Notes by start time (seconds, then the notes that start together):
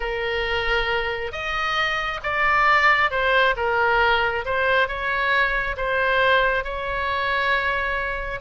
0.00 A#4
1.31 D#5
2.23 D5
3.10 C5
3.56 A#4
4.45 C5
4.87 C#5
5.77 C5
6.64 C#5